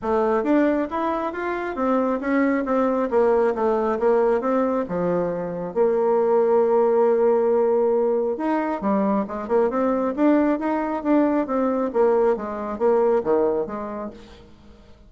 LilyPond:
\new Staff \with { instrumentName = "bassoon" } { \time 4/4 \tempo 4 = 136 a4 d'4 e'4 f'4 | c'4 cis'4 c'4 ais4 | a4 ais4 c'4 f4~ | f4 ais2.~ |
ais2. dis'4 | g4 gis8 ais8 c'4 d'4 | dis'4 d'4 c'4 ais4 | gis4 ais4 dis4 gis4 | }